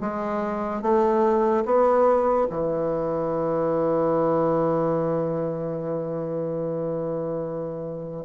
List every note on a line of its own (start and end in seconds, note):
0.00 0.81 G#3
0.81 1.64 A3
1.65 2.47 B3
2.50 8.25 E3